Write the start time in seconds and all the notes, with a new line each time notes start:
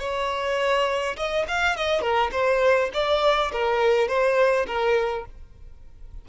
0.00 C#5
1.17 D#5
1.48 F5
1.77 D#5
2.02 A#4
2.32 C5
2.94 D5
3.53 A#4
4.08 C5
4.67 A#4